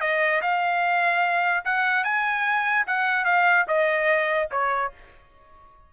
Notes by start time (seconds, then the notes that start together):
0.00 D#5
0.42 F5
1.65 F#5
2.04 G#5
2.86 F#5
3.25 F5
3.67 D#5
4.51 C#5